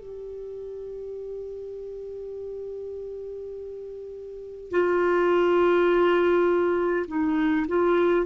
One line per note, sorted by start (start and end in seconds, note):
0.00 4.71 G4
4.71 7.06 F4
7.07 7.66 D#4
7.68 8.26 F4